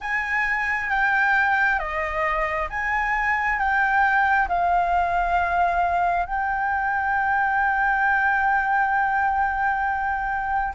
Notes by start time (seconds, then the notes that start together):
0.00 G#5
0.90 G5
1.79 D#5
2.69 G#5
3.58 G5
4.48 F5
6.25 G5